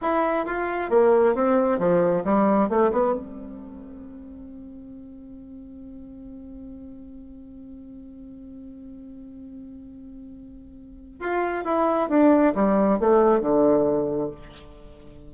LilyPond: \new Staff \with { instrumentName = "bassoon" } { \time 4/4 \tempo 4 = 134 e'4 f'4 ais4 c'4 | f4 g4 a8 b8 c'4~ | c'1~ | c'1~ |
c'1~ | c'1~ | c'4 f'4 e'4 d'4 | g4 a4 d2 | }